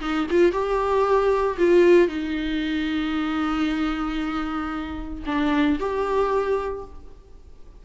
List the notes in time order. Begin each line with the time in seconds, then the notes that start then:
0.00 D#4
0.30 F4
0.51 G4
1.58 F4
2.08 D#4
5.26 D4
5.79 G4